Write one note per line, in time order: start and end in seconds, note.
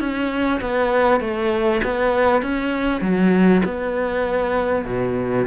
0.00 0.61 C#4
0.61 1.20 B3
1.20 1.81 A3
1.84 2.42 B3
2.42 3.01 C#4
3.01 3.62 F#3
3.65 4.85 B3
4.85 5.45 B2